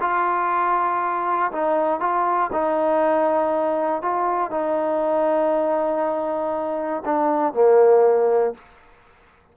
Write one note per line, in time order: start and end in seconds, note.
0.00 1.51 F4
1.51 2.00 D#4
2.00 2.50 F4
2.52 4.02 D#4
4.02 4.51 F4
4.51 7.03 D#4
7.05 7.53 D4
7.53 8.54 A#3